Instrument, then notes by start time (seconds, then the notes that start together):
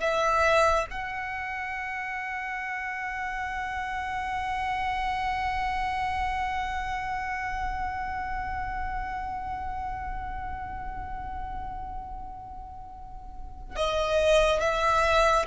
violin
0.00 E5
0.90 F#5
13.75 D#5
14.60 E5